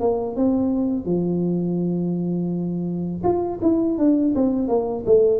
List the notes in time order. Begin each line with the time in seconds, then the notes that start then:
0.00 A#3
0.36 C4
1.05 F3
3.23 F4
3.62 E4
3.98 D4
4.35 C4
4.68 A#3
5.06 A3